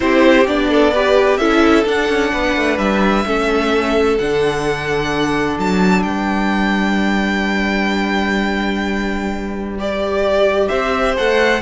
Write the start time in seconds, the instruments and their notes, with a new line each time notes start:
0.00 cello C4, viola E4, violin G4 C5
0.47 cello B3, viola D4, violin D5
0.69 violin A4
0.93 viola G4, violin B4
1.37 cello C#4, viola E4, violin A4 E5
1.85 viola D4, cello D4, violin F#5
2.09 cello C#4
2.32 cello B3, violin B4
2.56 cello A3
2.78 cello G3, violin E5
3.25 cello A3, viola C#4, violin A4
4.18 cello D3, viola D4, violin F#5
5.58 cello F#3, violin A5
6.03 cello G3, violin B4 G5
9.78 viola G4, violin D5
10.68 cello C4, violin C5 E5
11.16 cello A3, viola A4, violin F#5